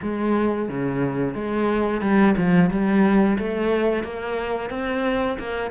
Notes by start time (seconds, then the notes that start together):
0.02 G#3
0.69 C#3
1.34 G#3
2.01 G3
2.37 F3
2.70 G3
3.38 A3
4.03 A#3
4.70 C4
5.38 A#3